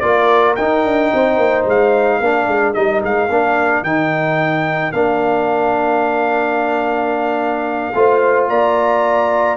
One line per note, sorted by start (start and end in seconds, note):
0.00 0.57 A#3
0.00 0.57 F4
0.00 1.12 A#4
0.00 0.55 D5
0.56 0.85 D#4
0.56 2.23 D#4
0.56 1.65 G5
0.85 1.12 D4
1.14 1.37 C4
1.14 2.20 C5
1.37 1.65 A#3
1.65 2.20 G#3
1.65 2.74 F5
2.20 2.47 A#3
2.20 2.74 D4
2.20 7.93 A#4
2.47 2.74 G#3
2.74 3.03 G3
2.74 3.29 D#4
2.74 3.01 D#5
3.03 3.29 G#3
3.03 3.84 F5
3.29 3.82 A#3
3.29 3.85 D4
3.82 4.92 D#3
3.82 4.93 D#4
3.82 4.92 G5
4.92 7.93 A#3
4.92 7.93 D4
4.92 8.46 F5
7.94 8.48 A3
7.94 9.57 F4
7.94 8.50 C5
8.48 9.57 A#3
8.48 9.57 D5
8.48 9.57 A#5